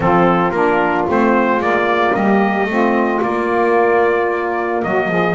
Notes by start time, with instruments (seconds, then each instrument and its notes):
0.00 double bass F3, saxophone C4 F4, trumpet A4
0.51 double bass A#3, saxophone D4, trumpet A#4
1.07 double bass A3, saxophone C4, trumpet C5
1.57 double bass G#3, saxophone A#3, trumpet D5
2.14 double bass G3, saxophone G4, trumpet D#5
2.65 double bass A3, saxophone C4 F4
3.21 saxophone A#3, double bass A#3, trumpet D5
4.83 double bass F#3, saxophone F#4, trumpet D#5
5.08 double bass F3, saxophone G#4